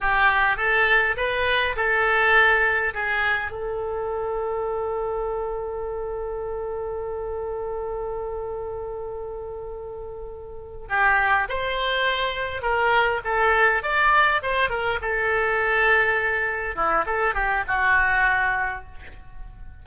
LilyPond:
\new Staff \with { instrumentName = "oboe" } { \time 4/4 \tempo 4 = 102 g'4 a'4 b'4 a'4~ | a'4 gis'4 a'2~ | a'1~ | a'1~ |
a'2~ a'8 g'4 c''8~ | c''4. ais'4 a'4 d''8~ | d''8 c''8 ais'8 a'2~ a'8~ | a'8 e'8 a'8 g'8 fis'2 | }